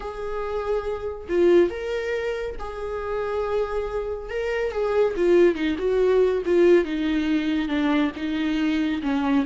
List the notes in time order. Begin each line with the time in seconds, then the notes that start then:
0.00 G#4
1.28 F4
1.70 A#4
2.59 G#4
4.29 A#4
4.71 G#4
5.16 F4
5.55 D#4
5.78 F#4
6.45 F4
6.85 D#4
7.68 D4
8.15 D#4
9.02 C#4